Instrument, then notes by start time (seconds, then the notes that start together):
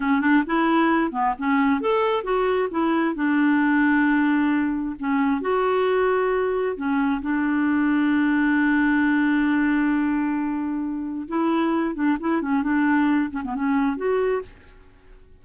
clarinet
0.00 C#4
0.20 D4
0.46 E4
1.11 B3
1.38 C#4
1.80 A4
2.23 F#4
2.71 E4
3.15 D4
4.99 C#4
5.41 F#4
6.76 C#4
7.21 D4
11.28 E4
11.94 D4
12.20 E4
12.41 C#4
12.62 D4
13.31 C#4
13.44 B3
13.55 C#4
13.96 F#4